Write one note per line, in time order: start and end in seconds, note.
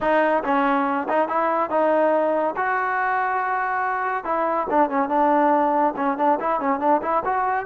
0.00 0.43 D#4
0.44 1.07 C#4
1.09 1.28 D#4
1.28 1.69 E4
1.69 2.55 D#4
2.56 4.24 F#4
4.24 4.67 E4
4.69 4.89 D4
4.89 5.09 C#4
5.09 5.94 D4
5.96 6.17 C#4
6.17 6.38 D4
6.39 6.60 E4
6.60 6.79 C#4
6.79 7.01 D4
7.02 7.23 E4
7.25 7.66 F#4